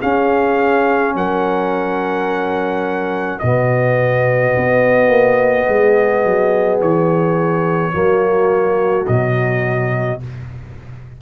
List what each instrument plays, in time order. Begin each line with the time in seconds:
0.00 trombone C#4, tuba C#4, horn G#4, trumpet F5
1.15 tuba F#3, horn A#4, trumpet F#5
3.39 tuba B2, trombone B3, horn F#4, trumpet D#5
4.57 tuba B3
5.08 tuba A#3
5.66 tuba G#3, horn G#4
6.25 tuba F#3
6.80 tuba E3, trumpet C#5
7.93 tuba F#3, trombone A#3, horn F#4
9.07 tuba B2, trombone F#3, trumpet D#5